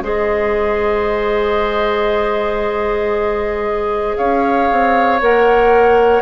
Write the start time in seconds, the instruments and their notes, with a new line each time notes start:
0.00 bassoon G#3, clarinet G#4, oboe C5, flute D#5
4.16 bassoon C#4, oboe C#5, flute F5
4.71 bassoon C4
5.20 bassoon A#3, clarinet A#4, flute F#5